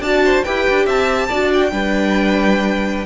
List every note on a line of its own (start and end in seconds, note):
0.00 0.42 D4
0.00 0.44 F#4
0.00 0.22 D5
0.00 0.44 A5
0.25 0.45 C5
0.44 0.67 E4
0.44 1.29 G4
0.44 0.85 B4
0.44 0.86 G5
0.69 0.87 D4
0.85 1.29 C4
0.85 1.27 E5
0.85 1.51 A5
1.29 1.72 D4
1.29 1.71 F#4
1.29 1.71 D5
1.53 3.06 G5
1.71 3.06 G3
1.71 3.06 D4
1.71 3.06 B4